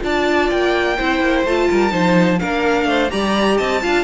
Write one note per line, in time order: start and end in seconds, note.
0.00 0.51 D4
0.00 0.95 F4
0.00 0.96 D5
0.00 0.50 A5
0.50 0.98 A#3
0.50 1.45 G5
0.96 1.20 C4
0.96 1.46 E4
0.96 1.68 C5
1.20 1.44 A#3
1.44 1.68 A3
1.44 1.90 F4
1.44 2.39 A5
1.70 1.92 G3
1.70 1.91 A#4
1.90 2.40 F3
1.90 2.37 D#4
1.90 2.39 C5
2.39 2.85 A#3
2.39 3.10 D4
2.39 2.87 A#4
2.39 3.10 F5
2.85 3.09 A3
2.85 3.12 C5
3.10 3.59 G3
3.10 3.81 G4
3.10 3.57 D5
3.10 3.57 A#5
3.57 3.83 C4
3.57 3.81 D#5
3.57 4.04 A5
3.82 4.04 D4
3.82 4.04 F4
3.82 4.04 F5